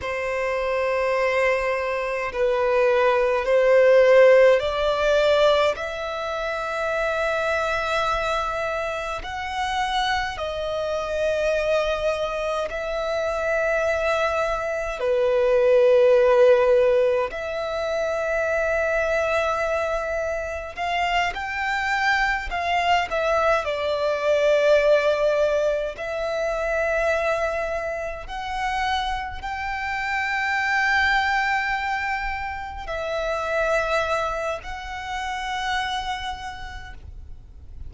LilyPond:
\new Staff \with { instrumentName = "violin" } { \time 4/4 \tempo 4 = 52 c''2 b'4 c''4 | d''4 e''2. | fis''4 dis''2 e''4~ | e''4 b'2 e''4~ |
e''2 f''8 g''4 f''8 | e''8 d''2 e''4.~ | e''8 fis''4 g''2~ g''8~ | g''8 e''4. fis''2 | }